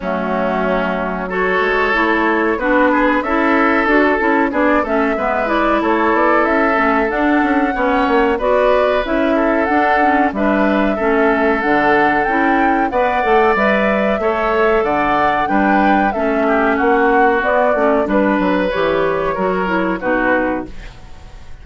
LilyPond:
<<
  \new Staff \with { instrumentName = "flute" } { \time 4/4 \tempo 4 = 93 fis'2 cis''2 | b'4 e''4 a'4 d''8 e''8~ | e''8 d''8 cis''8 d''8 e''4 fis''4~ | fis''4 d''4 e''4 fis''4 |
e''2 fis''4 g''4 | fis''4 e''2 fis''4 | g''4 e''4 fis''4 d''4 | b'4 cis''2 b'4 | }
  \new Staff \with { instrumentName = "oboe" } { \time 4/4 cis'2 a'2 | fis'8 gis'8 a'2 gis'8 a'8 | b'4 a'2. | cis''4 b'4. a'4. |
b'4 a'2. | d''2 cis''4 d''4 | b'4 a'8 g'8 fis'2 | b'2 ais'4 fis'4 | }
  \new Staff \with { instrumentName = "clarinet" } { \time 4/4 a2 fis'4 e'4 | d'4 e'4 fis'8 e'8 d'8 cis'8 | b8 e'2 cis'8 d'4 | cis'4 fis'4 e'4 d'8 cis'8 |
d'4 cis'4 d'4 e'4 | b'8 a'8 b'4 a'2 | d'4 cis'2 b8 cis'8 | d'4 g'4 fis'8 e'8 dis'4 | }
  \new Staff \with { instrumentName = "bassoon" } { \time 4/4 fis2~ fis8 gis8 a4 | b4 cis'4 d'8 cis'8 b8 a8 | gis4 a8 b8 cis'8 a8 d'8 cis'8 | b8 ais8 b4 cis'4 d'4 |
g4 a4 d4 cis'4 | b8 a8 g4 a4 d4 | g4 a4 ais4 b8 a8 | g8 fis8 e4 fis4 b,4 | }
>>